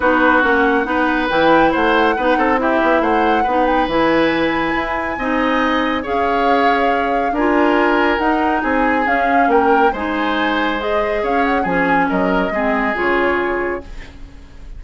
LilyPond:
<<
  \new Staff \with { instrumentName = "flute" } { \time 4/4 \tempo 4 = 139 b'4 fis''2 g''4 | fis''2 e''4 fis''4~ | fis''8 g''8 gis''2.~ | gis''2 f''2~ |
f''4 gis''2 fis''4 | gis''4 f''4 g''4 gis''4~ | gis''4 dis''4 f''8 fis''8 gis''4 | dis''2 cis''2 | }
  \new Staff \with { instrumentName = "oboe" } { \time 4/4 fis'2 b'2 | c''4 b'8 a'8 g'4 c''4 | b'1 | dis''2 cis''2~ |
cis''4 ais'2. | gis'2 ais'4 c''4~ | c''2 cis''4 gis'4 | ais'4 gis'2. | }
  \new Staff \with { instrumentName = "clarinet" } { \time 4/4 dis'4 cis'4 dis'4 e'4~ | e'4 dis'4 e'2 | dis'4 e'2. | dis'2 gis'2~ |
gis'4 f'2 dis'4~ | dis'4 cis'2 dis'4~ | dis'4 gis'2 cis'4~ | cis'4 c'4 f'2 | }
  \new Staff \with { instrumentName = "bassoon" } { \time 4/4 b4 ais4 b4 e4 | a4 b8 c'4 b8 a4 | b4 e2 e'4 | c'2 cis'2~ |
cis'4 d'2 dis'4 | c'4 cis'4 ais4 gis4~ | gis2 cis'4 f4 | fis4 gis4 cis2 | }
>>